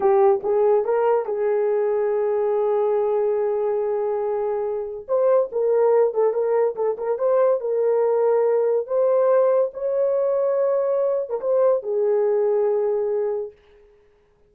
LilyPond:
\new Staff \with { instrumentName = "horn" } { \time 4/4 \tempo 4 = 142 g'4 gis'4 ais'4 gis'4~ | gis'1~ | gis'1 | c''4 ais'4. a'8 ais'4 |
a'8 ais'8 c''4 ais'2~ | ais'4 c''2 cis''4~ | cis''2~ cis''8. ais'16 c''4 | gis'1 | }